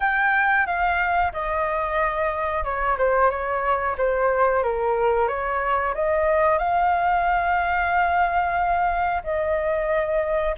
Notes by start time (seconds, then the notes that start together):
0.00 G5
0.66 F5
1.32 D#5
2.63 C#5
2.98 C5
3.30 C#5
3.97 C5
4.63 A#4
5.27 C#5
5.94 D#5
6.58 F5
9.23 D#5